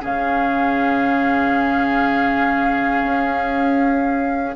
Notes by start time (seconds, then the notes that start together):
0.00 C#3 C#4 G#4 F5
3.03 C#4